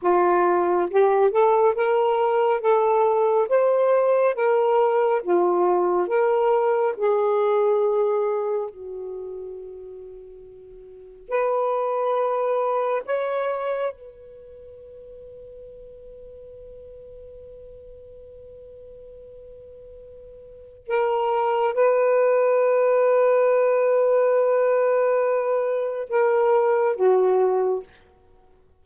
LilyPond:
\new Staff \with { instrumentName = "saxophone" } { \time 4/4 \tempo 4 = 69 f'4 g'8 a'8 ais'4 a'4 | c''4 ais'4 f'4 ais'4 | gis'2 fis'2~ | fis'4 b'2 cis''4 |
b'1~ | b'1 | ais'4 b'2.~ | b'2 ais'4 fis'4 | }